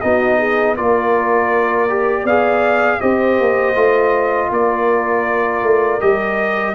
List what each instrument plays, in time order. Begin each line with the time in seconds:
0.00 tuba B3, trombone D#4, horn F#4, trumpet D#5
0.38 horn G#4
0.76 tuba A#3, trombone F4, horn A#4, trumpet D5
1.89 trombone G4
2.22 tuba B3, horn D5, trumpet F5
2.28 trombone G#4
3.00 tuba C4, trombone G4, horn C5, trumpet D#5
3.40 tuba A#3
3.75 tuba A3, trombone F4
4.50 tuba A#3, horn A#4, trumpet D5
5.62 tuba A3
6.00 tuba G3, trombone G4, trumpet D#5